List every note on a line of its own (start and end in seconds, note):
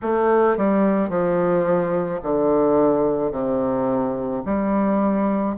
0.02 0.57 A3
0.57 1.09 G3
1.09 2.20 F3
2.22 3.31 D3
3.31 4.42 C3
4.45 5.56 G3